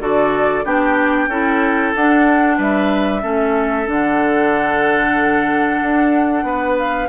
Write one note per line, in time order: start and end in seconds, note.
0.00 0.65 D3
0.00 0.65 F#4
0.00 0.65 A4
0.00 0.65 D5
0.65 1.28 B3
0.65 1.29 D4
0.65 1.29 G4
0.65 1.94 G5
1.28 1.92 C#4
1.28 1.95 E4
1.28 2.58 A4
1.95 2.59 D4
1.95 3.22 D4
1.95 2.60 F#5
2.58 3.23 G3
2.58 3.22 B4
2.58 3.90 E5
3.22 3.88 A3
3.22 3.86 C#4
3.22 6.45 A4
3.86 5.81 D3
3.86 7.09 D4
3.86 6.79 F#5
5.82 6.44 D4
6.44 7.08 B3
6.44 7.09 B4
6.79 7.09 F5